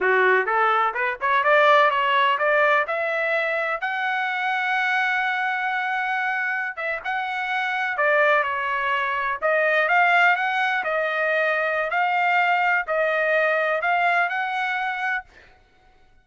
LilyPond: \new Staff \with { instrumentName = "trumpet" } { \time 4/4 \tempo 4 = 126 fis'4 a'4 b'8 cis''8 d''4 | cis''4 d''4 e''2 | fis''1~ | fis''2~ fis''16 e''8 fis''4~ fis''16~ |
fis''8. d''4 cis''2 dis''16~ | dis''8. f''4 fis''4 dis''4~ dis''16~ | dis''4 f''2 dis''4~ | dis''4 f''4 fis''2 | }